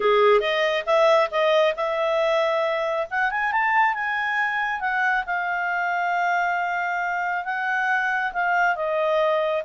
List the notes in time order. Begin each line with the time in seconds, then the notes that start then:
0.00 G#4
0.40 D#5
0.86 E5
1.30 D#5
1.76 E5
3.10 F#5
3.30 G#5
3.52 A5
3.94 G#5
4.80 F#5
5.26 F5
7.45 F#5
8.33 F5
8.75 D#5